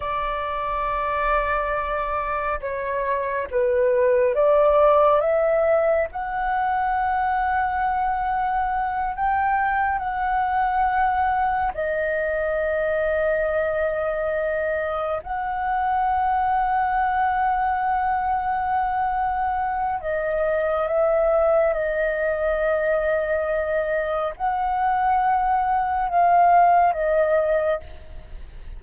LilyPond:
\new Staff \with { instrumentName = "flute" } { \time 4/4 \tempo 4 = 69 d''2. cis''4 | b'4 d''4 e''4 fis''4~ | fis''2~ fis''8 g''4 fis''8~ | fis''4. dis''2~ dis''8~ |
dis''4. fis''2~ fis''8~ | fis''2. dis''4 | e''4 dis''2. | fis''2 f''4 dis''4 | }